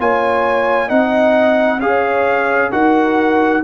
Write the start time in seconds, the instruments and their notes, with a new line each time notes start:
0.00 tuba A#3, trombone F4, horn C#5, trumpet G#5
0.88 tuba C4, trombone D#4, horn D#5, trumpet F#5
1.80 tuba C#4, trombone G#4, horn C#5, trumpet F5
2.72 tuba D#4, trombone F#4, horn A#4, trumpet F#5